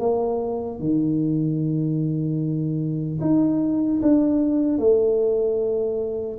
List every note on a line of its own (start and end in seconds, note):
0.00 0.80 A#3
0.80 3.20 D#3
3.21 4.01 D#4
4.03 4.79 D4
4.79 6.39 A3